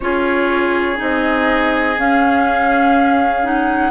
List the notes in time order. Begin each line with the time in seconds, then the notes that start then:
0.00 C#4 F4 G#4 C#5
0.96 C4 D#4 D#5
1.97 C#4 F5
3.43 D#4 F#5